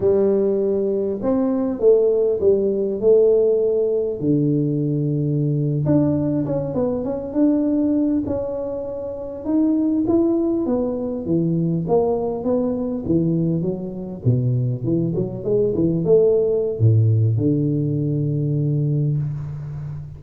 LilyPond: \new Staff \with { instrumentName = "tuba" } { \time 4/4 \tempo 4 = 100 g2 c'4 a4 | g4 a2 d4~ | d4.~ d16 d'4 cis'8 b8 cis'16~ | cis'16 d'4. cis'2 dis'16~ |
dis'8. e'4 b4 e4 ais16~ | ais8. b4 e4 fis4 b,16~ | b,8. e8 fis8 gis8 e8 a4~ a16 | a,4 d2. | }